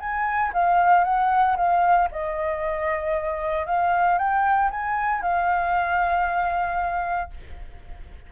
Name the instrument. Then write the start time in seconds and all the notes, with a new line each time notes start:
flute
0.00 G#5
0.54 F5
1.04 F#5
1.57 F5
2.12 D#5
3.66 F5
4.18 G5
4.71 G#5
5.22 F5